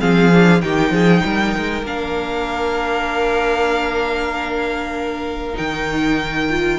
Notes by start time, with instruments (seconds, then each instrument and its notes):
0.00 cello F3, viola C4, violin G#4 F5
0.33 viola D4
0.61 cello D#3, viola D#4, violin G4 G5
0.90 cello F3, violin G#4
1.25 cello G3, violin A#4
1.57 cello G#3
1.83 cello A#3, viola D4, violin F5
5.53 viola D#4, violin G5
5.60 cello D#3
6.50 viola F4